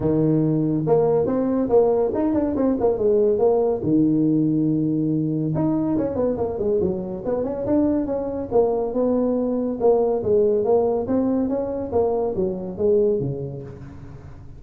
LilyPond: \new Staff \with { instrumentName = "tuba" } { \time 4/4 \tempo 4 = 141 dis2 ais4 c'4 | ais4 dis'8 d'8 c'8 ais8 gis4 | ais4 dis2.~ | dis4 dis'4 cis'8 b8 ais8 gis8 |
fis4 b8 cis'8 d'4 cis'4 | ais4 b2 ais4 | gis4 ais4 c'4 cis'4 | ais4 fis4 gis4 cis4 | }